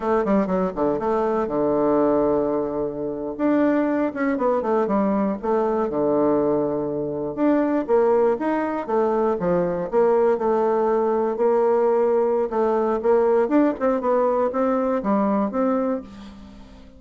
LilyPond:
\new Staff \with { instrumentName = "bassoon" } { \time 4/4 \tempo 4 = 120 a8 g8 fis8 d8 a4 d4~ | d2~ d8. d'4~ d'16~ | d'16 cis'8 b8 a8 g4 a4 d16~ | d2~ d8. d'4 ais16~ |
ais8. dis'4 a4 f4 ais16~ | ais8. a2 ais4~ ais16~ | ais4 a4 ais4 d'8 c'8 | b4 c'4 g4 c'4 | }